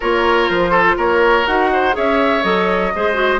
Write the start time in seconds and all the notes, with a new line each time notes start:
0.00 A#3 F4 A#4 C#5
0.49 F3 C5
0.70 A4
0.97 A#3 A#4 C#5
1.46 D#4 F#4 F#5
1.73 C5
1.92 C#4 G#4 C#5 E5
2.43 F#3 A4 D#5
2.95 G#3 G#4 C5
3.13 F#4